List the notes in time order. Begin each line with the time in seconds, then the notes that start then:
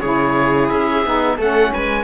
0.00 C#3 E4 G#4 C#5
0.69 C#4 E5
1.04 B3 D#4
1.37 A3 C#4 A4 F#5
1.73 G#3 B4 G#5